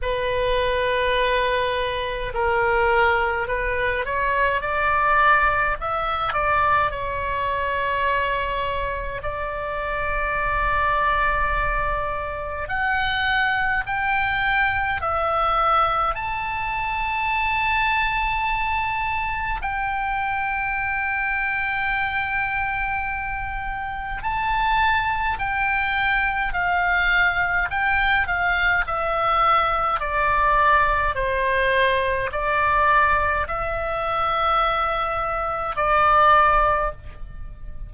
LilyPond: \new Staff \with { instrumentName = "oboe" } { \time 4/4 \tempo 4 = 52 b'2 ais'4 b'8 cis''8 | d''4 e''8 d''8 cis''2 | d''2. fis''4 | g''4 e''4 a''2~ |
a''4 g''2.~ | g''4 a''4 g''4 f''4 | g''8 f''8 e''4 d''4 c''4 | d''4 e''2 d''4 | }